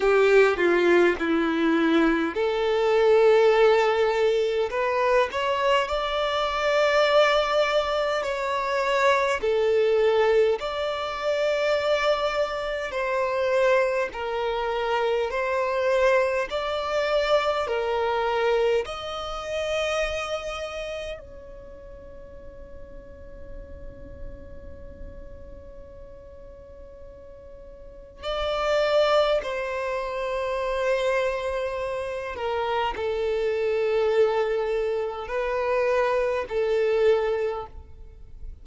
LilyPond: \new Staff \with { instrumentName = "violin" } { \time 4/4 \tempo 4 = 51 g'8 f'8 e'4 a'2 | b'8 cis''8 d''2 cis''4 | a'4 d''2 c''4 | ais'4 c''4 d''4 ais'4 |
dis''2 cis''2~ | cis''1 | d''4 c''2~ c''8 ais'8 | a'2 b'4 a'4 | }